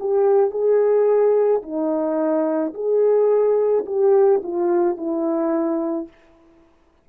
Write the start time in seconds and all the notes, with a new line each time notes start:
0.00 G4
0.51 G#4
1.63 D#4
2.74 G#4
3.86 G4
4.43 F4
4.97 E4